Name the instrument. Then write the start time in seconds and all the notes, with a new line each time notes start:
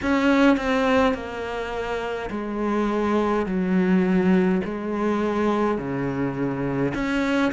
cello
0.02 C#4
0.57 C4
1.14 A#3
2.30 G#3
3.46 F#3
4.64 G#3
5.77 C#3
6.94 C#4